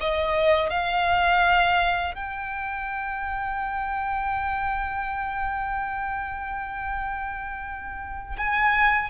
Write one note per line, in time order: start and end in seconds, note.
0.00 0.70 D#5
0.70 2.15 F5
2.15 8.36 G5
8.37 9.10 G#5